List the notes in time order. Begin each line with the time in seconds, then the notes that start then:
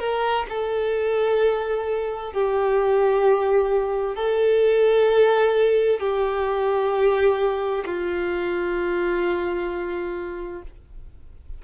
0.00 A#4
0.49 A4
2.33 G4
4.16 A4
6.00 G4
7.86 F4